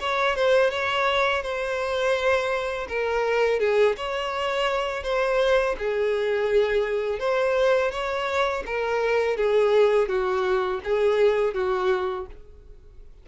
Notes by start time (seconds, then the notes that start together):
0.00 C#5
0.35 C5
0.70 C#5
1.43 C5
2.88 A#4
3.60 G#4
3.97 C#5
5.03 C5
5.78 G#4
7.19 C5
7.91 C#5
8.66 A#4
9.36 G#4
10.08 F#4
10.84 G#4
11.54 F#4